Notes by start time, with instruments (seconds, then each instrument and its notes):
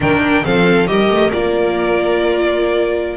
0.00 double bass D#3, viola D4, violin A#4 G5
0.44 double bass F3, viola C4, violin A4 F5
0.86 double bass G3, viola G4, violin A#4 D#5
1.09 double bass A3
1.32 double bass A#3, viola F4, violin D5